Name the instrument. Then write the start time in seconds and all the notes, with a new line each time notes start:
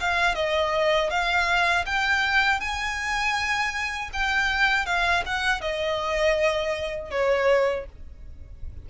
violin
0.00 F5
0.35 D#5
1.10 F5
1.85 G5
2.60 G#5
4.12 G5
4.86 F5
5.26 F#5
5.61 D#5
7.10 C#5